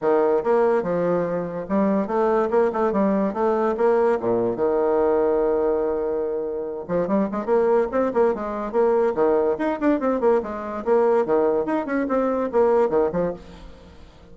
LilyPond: \new Staff \with { instrumentName = "bassoon" } { \time 4/4 \tempo 4 = 144 dis4 ais4 f2 | g4 a4 ais8 a8 g4 | a4 ais4 ais,4 dis4~ | dis1~ |
dis8 f8 g8 gis8 ais4 c'8 ais8 | gis4 ais4 dis4 dis'8 d'8 | c'8 ais8 gis4 ais4 dis4 | dis'8 cis'8 c'4 ais4 dis8 f8 | }